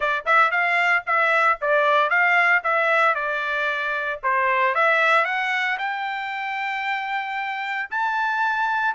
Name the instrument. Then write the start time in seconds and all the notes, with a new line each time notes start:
trumpet
0.00 D5
0.25 E5
0.51 F5
1.06 E5
1.61 D5
2.10 F5
2.63 E5
3.14 D5
4.23 C5
4.74 E5
5.25 F#5
5.78 G5
7.90 A5